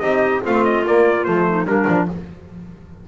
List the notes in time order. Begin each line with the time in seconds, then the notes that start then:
0.00 C4 D#4 G4 D#5
0.45 A3 C4 F4 F5
0.65 D#5
0.87 A#3 D5
1.25 F3 A3 C5
1.48 D#4
1.65 G3 A#3 D4 A#4
1.88 F3 D4